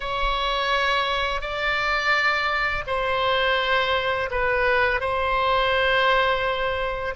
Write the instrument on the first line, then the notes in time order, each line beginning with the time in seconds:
oboe
0.00 C#5
1.41 D5
2.86 C5
4.31 B4
5.00 C5